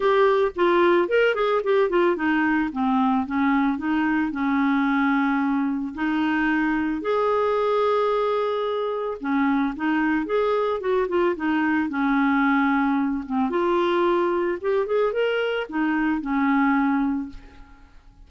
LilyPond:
\new Staff \with { instrumentName = "clarinet" } { \time 4/4 \tempo 4 = 111 g'4 f'4 ais'8 gis'8 g'8 f'8 | dis'4 c'4 cis'4 dis'4 | cis'2. dis'4~ | dis'4 gis'2.~ |
gis'4 cis'4 dis'4 gis'4 | fis'8 f'8 dis'4 cis'2~ | cis'8 c'8 f'2 g'8 gis'8 | ais'4 dis'4 cis'2 | }